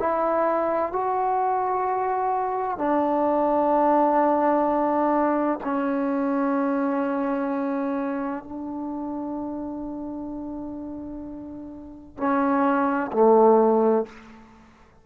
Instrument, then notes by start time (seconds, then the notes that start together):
trombone
0.00 E4
0.93 F#4
2.78 D4
5.64 C#4
8.44 D4
12.18 C#4
13.12 A3